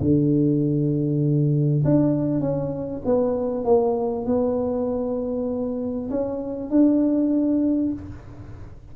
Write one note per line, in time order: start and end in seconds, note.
0.00 1.83 D3
1.84 2.40 D4
2.40 3.01 C#4
3.05 3.64 B3
3.64 4.26 A#3
4.26 6.09 B3
6.10 6.70 C#4
6.70 7.93 D4